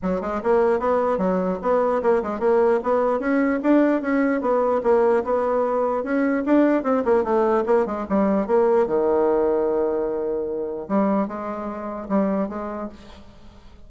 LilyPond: \new Staff \with { instrumentName = "bassoon" } { \time 4/4 \tempo 4 = 149 fis8 gis8 ais4 b4 fis4 | b4 ais8 gis8 ais4 b4 | cis'4 d'4 cis'4 b4 | ais4 b2 cis'4 |
d'4 c'8 ais8 a4 ais8 gis8 | g4 ais4 dis2~ | dis2. g4 | gis2 g4 gis4 | }